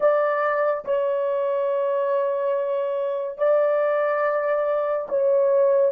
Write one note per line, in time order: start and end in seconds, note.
0.00 0.84 D5
0.85 3.38 C#5
3.38 5.07 D5
5.08 5.92 C#5